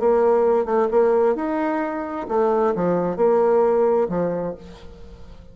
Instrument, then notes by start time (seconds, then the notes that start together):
bassoon
0.00 A#3
0.66 A3
0.91 A#3
1.36 D#4
2.29 A3
2.76 F3
3.17 A#3
4.09 F3